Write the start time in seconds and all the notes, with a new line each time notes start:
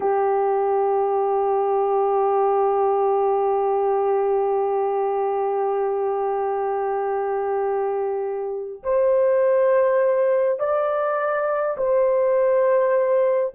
0.00 G4
8.83 C5
10.59 D5
11.77 C5